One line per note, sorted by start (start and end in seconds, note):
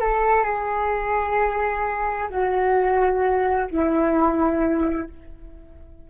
0.00 0.43 A4
0.43 2.28 G#4
2.30 3.68 F#4
3.71 5.09 E4